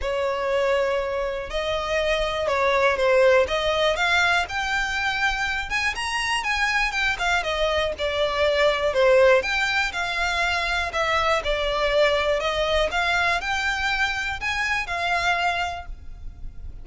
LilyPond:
\new Staff \with { instrumentName = "violin" } { \time 4/4 \tempo 4 = 121 cis''2. dis''4~ | dis''4 cis''4 c''4 dis''4 | f''4 g''2~ g''8 gis''8 | ais''4 gis''4 g''8 f''8 dis''4 |
d''2 c''4 g''4 | f''2 e''4 d''4~ | d''4 dis''4 f''4 g''4~ | g''4 gis''4 f''2 | }